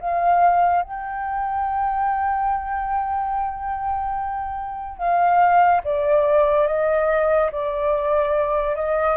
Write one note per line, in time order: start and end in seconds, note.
0.00 0.83 F5
0.83 4.98 G5
4.98 5.81 F5
5.84 6.67 D5
6.67 7.51 D#5
7.52 8.76 D5
8.76 9.17 D#5